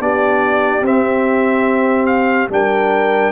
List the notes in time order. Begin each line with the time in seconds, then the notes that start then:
0.00 B3 D4 G4 D5
0.82 C4 E5
2.06 F5
2.50 G3 D4 A#4 G5